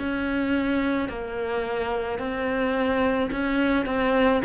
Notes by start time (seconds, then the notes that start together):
0.00 C#4
1.09 A#3
2.19 C4
3.32 C#4
3.86 C4